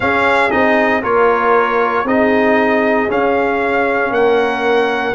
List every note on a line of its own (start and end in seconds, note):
0.00 0.51 C#4
0.00 0.50 C#4
0.00 1.02 G#4
0.00 0.50 F5
0.50 1.03 C4
0.50 1.02 D#4
0.50 1.02 D#5
1.02 2.04 A#3
1.02 2.05 F4
1.02 2.06 A#4
1.02 2.07 C#5
2.04 3.08 C4
2.04 3.08 D#4
2.04 4.13 G#4
2.04 3.10 D#5
3.08 5.14 C#4
3.08 4.10 C#4
3.08 4.13 F5
4.10 5.14 A#3
4.10 5.14 A#4
4.10 5.14 F#5